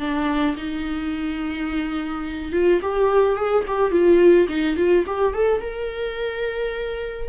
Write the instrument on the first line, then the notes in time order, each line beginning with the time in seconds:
viola
0.00 D4
0.57 D#4
2.52 F4
2.82 G4
3.36 G#4
3.68 G4
3.92 F4
4.49 D#4
4.77 F4
5.07 G4
5.34 A4
5.61 A#4